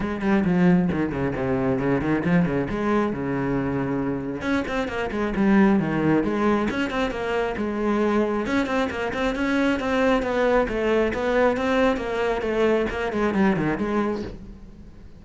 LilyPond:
\new Staff \with { instrumentName = "cello" } { \time 4/4 \tempo 4 = 135 gis8 g8 f4 dis8 cis8 c4 | cis8 dis8 f8 cis8 gis4 cis4~ | cis2 cis'8 c'8 ais8 gis8 | g4 dis4 gis4 cis'8 c'8 |
ais4 gis2 cis'8 c'8 | ais8 c'8 cis'4 c'4 b4 | a4 b4 c'4 ais4 | a4 ais8 gis8 g8 dis8 gis4 | }